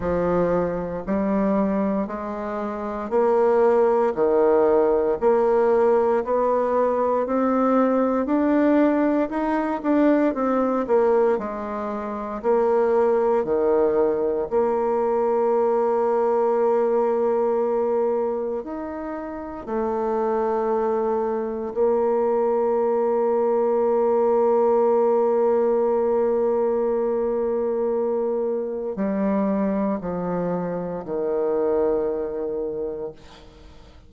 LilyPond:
\new Staff \with { instrumentName = "bassoon" } { \time 4/4 \tempo 4 = 58 f4 g4 gis4 ais4 | dis4 ais4 b4 c'4 | d'4 dis'8 d'8 c'8 ais8 gis4 | ais4 dis4 ais2~ |
ais2 dis'4 a4~ | a4 ais2.~ | ais1 | g4 f4 dis2 | }